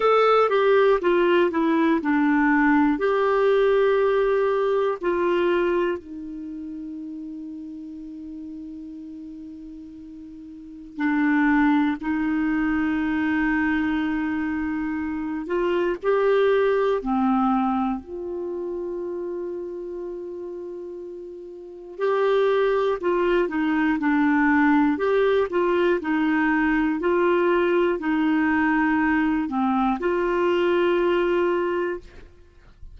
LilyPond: \new Staff \with { instrumentName = "clarinet" } { \time 4/4 \tempo 4 = 60 a'8 g'8 f'8 e'8 d'4 g'4~ | g'4 f'4 dis'2~ | dis'2. d'4 | dis'2.~ dis'8 f'8 |
g'4 c'4 f'2~ | f'2 g'4 f'8 dis'8 | d'4 g'8 f'8 dis'4 f'4 | dis'4. c'8 f'2 | }